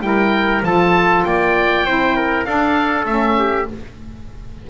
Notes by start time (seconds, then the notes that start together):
0.00 G3 E4 A#4 G5
0.63 F3 F4 A4 A5
1.24 A#3 D5 G5
1.84 C4 E4 C5
2.16 A#4
2.45 D4 A4 F5
3.05 A3 C#4 E5
3.39 G4